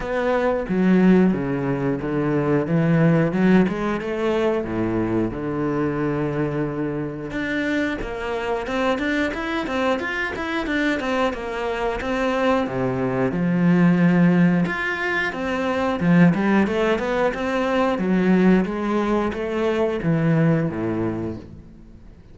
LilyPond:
\new Staff \with { instrumentName = "cello" } { \time 4/4 \tempo 4 = 90 b4 fis4 cis4 d4 | e4 fis8 gis8 a4 a,4 | d2. d'4 | ais4 c'8 d'8 e'8 c'8 f'8 e'8 |
d'8 c'8 ais4 c'4 c4 | f2 f'4 c'4 | f8 g8 a8 b8 c'4 fis4 | gis4 a4 e4 a,4 | }